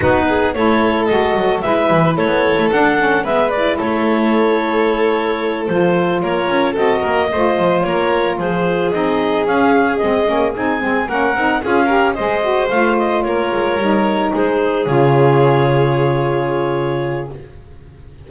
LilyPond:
<<
  \new Staff \with { instrumentName = "clarinet" } { \time 4/4 \tempo 4 = 111 b'4 cis''4 dis''4 e''4 | cis''4 fis''4 e''8 d''8 cis''4~ | cis''2~ cis''8 c''4 cis''8~ | cis''8 dis''2 cis''4 c''8~ |
c''8 dis''4 f''4 dis''4 gis''8~ | gis''8 fis''4 f''4 dis''4 f''8 | dis''8 cis''2 c''4 cis''8~ | cis''1 | }
  \new Staff \with { instrumentName = "violin" } { \time 4/4 fis'8 gis'8 a'2 b'4 | a'2 b'4 a'4~ | a'2.~ a'8 ais'8~ | ais'8 a'8 ais'8 c''4 ais'4 gis'8~ |
gis'1~ | gis'8 ais'4 gis'8 ais'8 c''4.~ | c''8 ais'2 gis'4.~ | gis'1 | }
  \new Staff \with { instrumentName = "saxophone" } { \time 4/4 dis'4 e'4 fis'4 e'4~ | e'4 d'8 cis'8 b8 e'4.~ | e'2~ e'8 f'4.~ | f'8 fis'4 f'2~ f'8~ |
f'8 dis'4 cis'4 c'8 cis'8 dis'8 | c'8 cis'8 dis'8 f'8 g'8 gis'8 fis'8 f'8~ | f'4. dis'2 f'8~ | f'1 | }
  \new Staff \with { instrumentName = "double bass" } { \time 4/4 b4 a4 gis8 fis8 gis8 e8 | a16 b8 a16 d'4 gis4 a4~ | a2~ a8 f4 ais8 | cis'8 c'8 ais8 a8 f8 ais4 f8~ |
f8 c'4 cis'4 gis8 ais8 c'8 | gis8 ais8 c'8 cis'4 gis4 a8~ | a8 ais8 gis8 g4 gis4 cis8~ | cis1 | }
>>